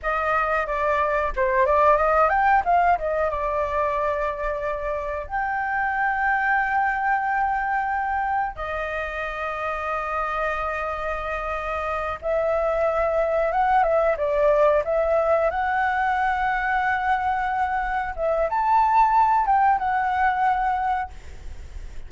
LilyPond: \new Staff \with { instrumentName = "flute" } { \time 4/4 \tempo 4 = 91 dis''4 d''4 c''8 d''8 dis''8 g''8 | f''8 dis''8 d''2. | g''1~ | g''4 dis''2.~ |
dis''2~ dis''8 e''4.~ | e''8 fis''8 e''8 d''4 e''4 fis''8~ | fis''2.~ fis''8 e''8 | a''4. g''8 fis''2 | }